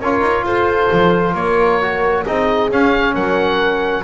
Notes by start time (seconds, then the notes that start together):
0.00 C#4 F4 A#4 C#5
0.21 D#4
0.43 F4 A4 C5
0.92 F3
1.35 A#3 A#4 C#5
1.82 F#4
2.26 C4 D#4 G#4 D#5
2.71 C#4 F5
3.15 F#3 A#4 F#5